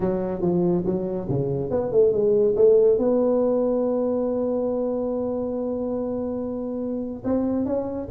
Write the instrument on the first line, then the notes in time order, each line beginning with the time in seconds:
tuba
0.00 F#3
0.41 F3
0.85 F#3
1.29 C#3
1.70 B3
1.91 A3
2.12 G#3
2.56 A3
2.97 B3
7.24 C4
7.65 C#4